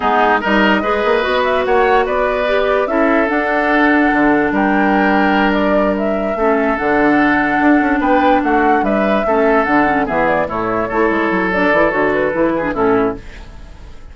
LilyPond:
<<
  \new Staff \with { instrumentName = "flute" } { \time 4/4 \tempo 4 = 146 gis'4 dis''2~ dis''8 e''8 | fis''4 d''2 e''4 | fis''2. g''4~ | g''4. d''4 e''4.~ |
e''8 fis''2. g''8~ | g''8 fis''4 e''2 fis''8~ | fis''8 e''8 d''8 cis''2~ cis''8 | d''4 cis''8 b'4. a'4 | }
  \new Staff \with { instrumentName = "oboe" } { \time 4/4 dis'4 ais'4 b'2 | cis''4 b'2 a'4~ | a'2. ais'4~ | ais'2.~ ais'8 a'8~ |
a'2.~ a'8 b'8~ | b'8 fis'4 b'4 a'4.~ | a'8 gis'4 e'4 a'4.~ | a'2~ a'8 gis'8 e'4 | }
  \new Staff \with { instrumentName = "clarinet" } { \time 4/4 b4 dis'4 gis'4 fis'4~ | fis'2 g'4 e'4 | d'1~ | d'2.~ d'8 cis'8~ |
cis'8 d'2.~ d'8~ | d'2~ d'8 cis'4 d'8 | cis'8 b4 a4 e'4. | d'8 e'8 fis'4 e'8. d'16 cis'4 | }
  \new Staff \with { instrumentName = "bassoon" } { \time 4/4 gis4 g4 gis8 ais8 b4 | ais4 b2 cis'4 | d'2 d4 g4~ | g2.~ g8 a8~ |
a8 d2 d'8 cis'8 b8~ | b8 a4 g4 a4 d8~ | d8 e4 a,4 a8 gis8 fis8~ | fis8 e8 d4 e4 a,4 | }
>>